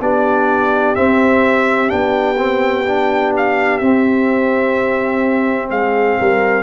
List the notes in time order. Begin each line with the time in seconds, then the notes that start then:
0.00 B3 D4 G4 D5
0.95 C4 E5
1.88 B3 D4 G5
2.37 C4
2.86 D4
3.37 F5
3.78 C4 E5
5.70 G#3 G#4 F5
6.19 G3 A#4